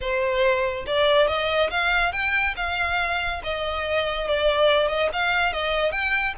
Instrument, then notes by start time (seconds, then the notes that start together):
violin
0.00 C5
0.86 D5
1.27 D#5
1.70 F5
2.12 G5
2.56 F5
3.43 D#5
4.27 D5
4.88 D#5
5.13 F5
5.52 D#5
5.91 G5